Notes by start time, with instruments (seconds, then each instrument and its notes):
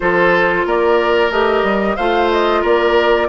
0.00 bassoon F3, clarinet F4, oboe A4, flute C5
0.65 bassoon A#3, oboe A#4, flute D5
1.30 bassoon A3, clarinet G4, flute D#5
1.62 bassoon G3
1.96 bassoon A3, clarinet F4, oboe C5, flute F5
2.31 flute D#5
2.61 bassoon A#3, oboe A#4, flute D5